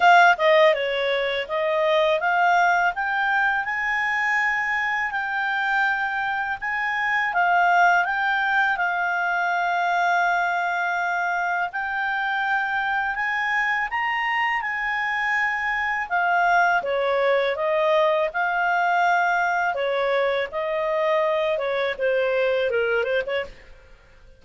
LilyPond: \new Staff \with { instrumentName = "clarinet" } { \time 4/4 \tempo 4 = 82 f''8 dis''8 cis''4 dis''4 f''4 | g''4 gis''2 g''4~ | g''4 gis''4 f''4 g''4 | f''1 |
g''2 gis''4 ais''4 | gis''2 f''4 cis''4 | dis''4 f''2 cis''4 | dis''4. cis''8 c''4 ais'8 c''16 cis''16 | }